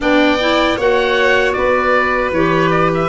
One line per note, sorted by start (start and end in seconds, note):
0.00 0.77 B3
0.00 0.37 D4
0.00 0.76 D5
0.00 0.79 G5
0.40 0.79 E4
0.76 1.55 A#3
0.76 2.34 F#4
0.76 1.54 C#5
0.76 1.52 F#5
1.52 2.31 B3
1.52 3.08 B4
1.52 2.30 D5
2.31 3.08 E3
2.31 3.08 G4
2.31 2.70 C#5
2.70 2.90 D5
2.94 3.08 E5